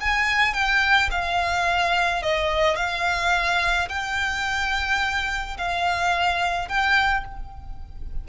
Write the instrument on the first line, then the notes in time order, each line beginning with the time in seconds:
violin
0.00 G#5
0.53 G5
1.10 F5
2.22 D#5
2.76 F5
3.88 G5
5.57 F5
6.68 G5